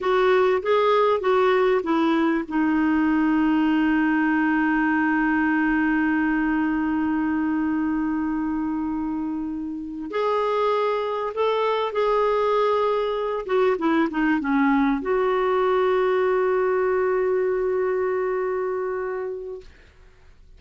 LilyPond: \new Staff \with { instrumentName = "clarinet" } { \time 4/4 \tempo 4 = 98 fis'4 gis'4 fis'4 e'4 | dis'1~ | dis'1~ | dis'1~ |
dis'8 gis'2 a'4 gis'8~ | gis'2 fis'8 e'8 dis'8 cis'8~ | cis'8 fis'2.~ fis'8~ | fis'1 | }